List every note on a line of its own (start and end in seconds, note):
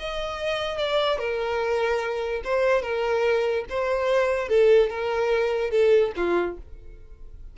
0.00 0.79 D#5
0.79 1.19 D5
1.19 2.42 A#4
2.45 2.83 C5
2.83 3.65 A#4
3.70 4.49 C5
4.49 4.90 A4
4.90 5.71 A#4
5.71 6.12 A4
6.17 6.58 F4